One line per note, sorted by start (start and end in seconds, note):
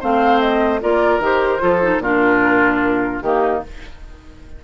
0.00 0.83 A3
0.00 0.81 C4
0.00 0.81 C5
0.00 0.40 F5
0.40 0.81 D#5
0.81 1.19 A#3
0.81 1.21 F4
0.81 1.62 A#4
0.81 1.22 D5
1.19 1.59 D#3
1.19 1.60 G4
1.19 2.03 C5
1.60 1.98 F3
1.60 1.80 F4
1.60 2.02 A4
1.82 2.02 D#4
1.98 3.19 A#2
1.98 3.23 D4
1.98 3.24 F4
1.98 3.22 A#4
3.22 3.62 D#3
3.22 3.64 A#3
3.22 3.64 D#4
3.22 3.62 G4